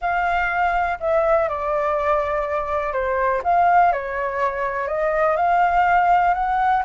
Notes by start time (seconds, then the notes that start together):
0.01 F5
1.00 E5
1.49 D5
2.93 C5
3.43 F5
3.92 C#5
4.87 D#5
5.36 F5
6.33 F#5